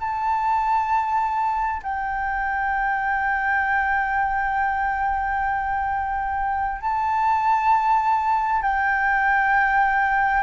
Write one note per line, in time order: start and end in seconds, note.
0.00 1.82 A5
1.83 6.81 G5
6.81 8.62 A5
8.62 10.43 G5